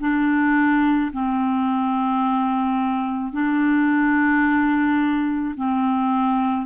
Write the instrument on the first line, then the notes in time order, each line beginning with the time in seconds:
clarinet
0.00 D4
1.12 C4
3.32 D4
5.56 C4